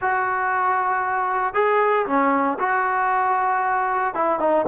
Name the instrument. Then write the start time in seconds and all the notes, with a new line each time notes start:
trombone
0.01 F#4
1.54 G#4
2.06 C#4
2.59 F#4
4.14 E4
4.39 D#4